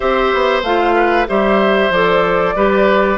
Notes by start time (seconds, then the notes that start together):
0.00 C4 G4 C5 E5
0.34 B3
0.62 A3 F4 F5
0.95 B4
1.27 G3 G4 C5 E5
1.90 F3 A4 D5
2.55 G3 G4 B4